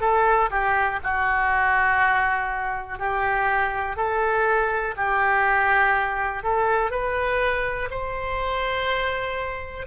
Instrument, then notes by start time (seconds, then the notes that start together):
oboe
0.00 A4
0.50 G4
1.03 F#4
2.98 G4
3.96 A4
4.96 G4
6.43 A4
6.90 B4
7.90 C5